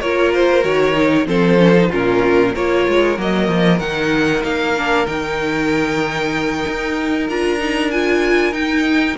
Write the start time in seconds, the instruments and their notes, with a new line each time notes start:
0.00 cello A#3, viola F4, violin A#4 C#5
0.34 violin C5
0.62 cello D#3, viola F#4, violin C#5
0.92 viola D#4
1.26 cello F3, viola C4, violin A4 C5
1.58 viola C#4
1.75 viola D#4
1.89 cello A#2, viola C#4, violin F4 A#4
2.54 cello A#3, viola F4, violin A#4 C#5
2.87 cello G#3
3.16 cello F#3, viola A#3, violin D#5
3.48 cello F3
3.79 cello D#3, viola D#4, violin F#5
4.43 cello A#3, violin F5
4.77 viola D4
5.06 cello D#3, viola D#4, violin G5
6.67 cello D#4
7.29 cello D4, viola F4, violin A#5
7.59 viola D#4
7.90 viola F4, violin G#5
8.52 cello D#4, viola D#4, violin G5